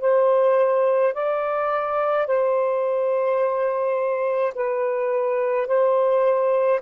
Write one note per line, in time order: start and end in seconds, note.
0.00 1.13 C5
1.13 2.26 D5
2.26 4.53 C5
4.54 5.67 B4
5.67 6.80 C5